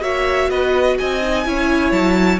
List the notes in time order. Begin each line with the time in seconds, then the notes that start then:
0.00 A#3 F#4 C#5 E5
0.50 B3 B4 D#5
0.98 C4 D#5 G#5
1.21 D#4
1.45 C#4 E4 C#5
1.91 F#3 A5